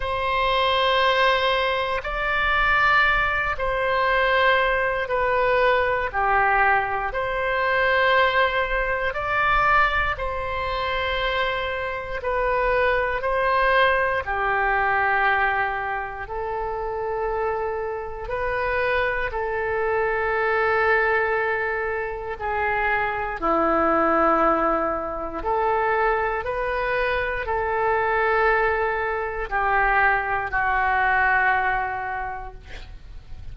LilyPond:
\new Staff \with { instrumentName = "oboe" } { \time 4/4 \tempo 4 = 59 c''2 d''4. c''8~ | c''4 b'4 g'4 c''4~ | c''4 d''4 c''2 | b'4 c''4 g'2 |
a'2 b'4 a'4~ | a'2 gis'4 e'4~ | e'4 a'4 b'4 a'4~ | a'4 g'4 fis'2 | }